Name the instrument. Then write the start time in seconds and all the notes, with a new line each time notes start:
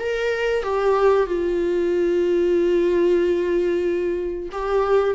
viola
0.00 A#4
0.63 G4
1.27 F4
4.52 G4